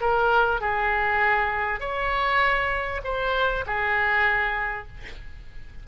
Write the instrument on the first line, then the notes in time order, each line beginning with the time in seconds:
oboe
0.00 A#4
0.60 G#4
1.80 C#5
3.04 C5
3.66 G#4